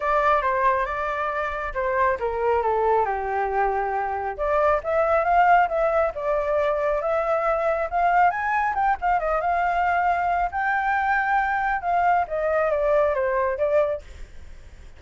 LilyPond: \new Staff \with { instrumentName = "flute" } { \time 4/4 \tempo 4 = 137 d''4 c''4 d''2 | c''4 ais'4 a'4 g'4~ | g'2 d''4 e''4 | f''4 e''4 d''2 |
e''2 f''4 gis''4 | g''8 f''8 dis''8 f''2~ f''8 | g''2. f''4 | dis''4 d''4 c''4 d''4 | }